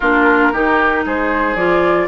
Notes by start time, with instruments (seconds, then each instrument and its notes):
0.00 bassoon A#3, clarinet D4, oboe F4, flute A#4
0.52 bassoon D#3, clarinet D#4, oboe G4
1.05 bassoon G#3, oboe G#4, flute C5
1.55 bassoon F3, clarinet F4, flute D5